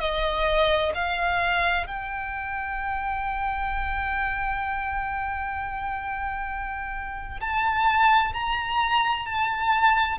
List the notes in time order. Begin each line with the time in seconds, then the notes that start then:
0.00 D#5
0.95 F5
1.86 G5
7.41 A5
8.33 A#5
9.26 A5